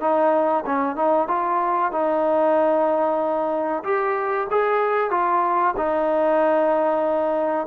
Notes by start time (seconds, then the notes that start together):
0.00 D#4
0.65 C#4
0.95 D#4
1.27 F4
1.91 D#4
3.84 G4
4.50 G#4
5.10 F4
5.76 D#4